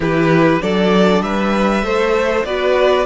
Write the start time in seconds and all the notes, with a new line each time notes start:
0.00 E3 E4 G4 B4
0.60 F#3 D4 A4 D5
1.21 G3 B4 E5
1.82 A3 A4 C5
2.44 B3 F#4 B4 D5